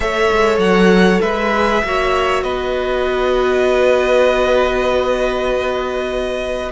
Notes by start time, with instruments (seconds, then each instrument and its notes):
0.00 cello A3, viola A4, violin C#5 E5
0.31 cello G#3
0.58 cello F#3, violin F#5
1.20 cello G#3, violin B4 E5
1.54 viola G#4
1.84 cello A#3, viola F#4, violin C#5
2.43 cello B3, violin B4 D#5